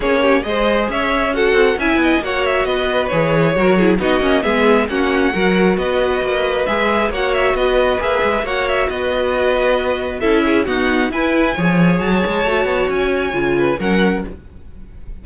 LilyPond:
<<
  \new Staff \with { instrumentName = "violin" } { \time 4/4 \tempo 4 = 135 cis''4 dis''4 e''4 fis''4 | gis''4 fis''8 e''8 dis''4 cis''4~ | cis''4 dis''4 e''4 fis''4~ | fis''4 dis''2 e''4 |
fis''8 e''8 dis''4 e''4 fis''8 e''8 | dis''2. e''4 | fis''4 gis''2 a''4~ | a''4 gis''2 fis''4 | }
  \new Staff \with { instrumentName = "violin" } { \time 4/4 gis'8 g'8 c''4 cis''4 a'4 | e''8 dis''8 cis''4 b'2 | ais'8 gis'8 fis'4 gis'4 fis'4 | ais'4 b'2. |
cis''4 b'2 cis''4 | b'2. a'8 gis'8 | fis'4 b'4 cis''2~ | cis''2~ cis''8 b'8 ais'4 | }
  \new Staff \with { instrumentName = "viola" } { \time 4/4 cis'4 gis'2 fis'4 | e'4 fis'2 gis'4 | fis'8 e'8 dis'8 cis'8 b4 cis'4 | fis'2. gis'4 |
fis'2 gis'4 fis'4~ | fis'2. e'4 | b4 e'4 gis'2 | fis'2 f'4 cis'4 | }
  \new Staff \with { instrumentName = "cello" } { \time 4/4 ais4 gis4 cis'4. c'8 | cis'8 b8 ais4 b4 e4 | fis4 b8 ais8 gis4 ais4 | fis4 b4 ais4 gis4 |
ais4 b4 ais8 gis8 ais4 | b2. cis'4 | dis'4 e'4 f4 fis8 gis8 | a8 b8 cis'4 cis4 fis4 | }
>>